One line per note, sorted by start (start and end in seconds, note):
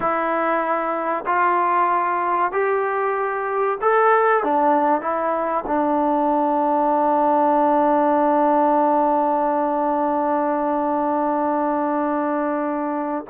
0.00 1.24 E4
1.26 2.51 F4
2.51 3.78 G4
3.81 4.43 A4
4.43 5.01 D4
5.01 5.64 E4
5.66 13.24 D4